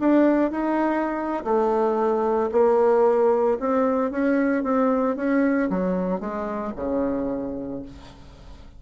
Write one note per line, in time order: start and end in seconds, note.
0.00 0.51 D4
0.51 1.44 D#4
1.44 2.50 A3
2.52 3.58 A#3
3.60 4.11 C4
4.11 4.63 C#4
4.63 5.16 C4
5.16 5.69 C#4
5.70 6.20 F#3
6.20 6.73 G#3
6.76 7.82 C#3